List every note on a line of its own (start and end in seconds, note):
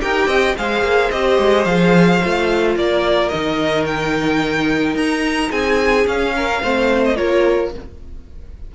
0.00 0.26 D#4
0.00 0.55 G4
0.00 0.27 A#4
0.00 0.56 G5
0.26 0.54 C4
0.26 0.55 D#5
0.57 0.81 G#3
0.57 1.12 G#4
0.57 2.78 C5
0.57 1.10 F5
0.81 1.09 A#3
1.10 1.38 C4
1.10 1.66 G4
1.10 1.64 D#5
1.38 1.65 G#3
1.64 2.20 F3
1.64 2.21 G#4
1.64 2.75 F5
2.22 2.75 A3
2.22 3.31 F4
2.75 3.31 A#3
2.75 5.49 A#4
2.75 3.29 D5
3.29 4.94 D#3
3.29 6.04 D#4
3.29 3.84 D#5
3.86 4.96 G5
4.94 5.49 D#4
4.94 5.51 A#5
5.49 6.06 C4
5.49 6.32 G#4
5.49 6.06 G#5
6.04 6.59 C#4
6.04 6.61 C#4
6.04 7.04 F5
6.35 6.62 A#4
6.62 7.18 A3
6.62 7.15 C4
6.62 7.16 C5
7.04 7.16 D#5
7.15 7.74 A#3
7.15 7.70 F4
7.15 7.71 A#4
7.15 7.71 C#5